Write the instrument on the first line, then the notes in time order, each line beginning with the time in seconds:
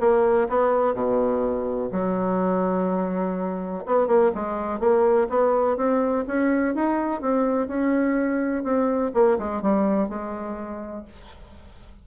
bassoon
0.00 A#3
0.48 B3
0.94 B2
1.92 F#3
3.86 B3
4.07 A#3
4.35 G#3
4.79 A#3
5.29 B3
5.77 C4
6.27 C#4
6.74 D#4
7.21 C4
7.67 C#4
8.63 C4
9.14 A#3
9.38 G#3
9.62 G3
10.08 G#3